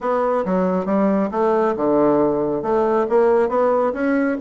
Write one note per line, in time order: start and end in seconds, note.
0.00 0.44 B3
0.45 0.85 F#3
0.85 1.29 G3
1.31 1.74 A3
1.76 2.62 D3
2.62 3.06 A3
3.09 3.48 A#3
3.48 3.92 B3
3.93 4.37 C#4